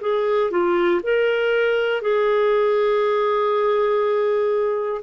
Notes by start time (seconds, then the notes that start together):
0.00 G#4
0.50 F4
1.03 A#4
2.01 G#4